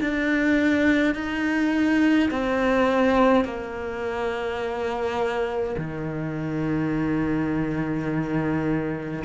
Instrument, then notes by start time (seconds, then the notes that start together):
cello
0.00 D4
1.14 D#4
2.30 C4
3.44 A#3
5.77 D#3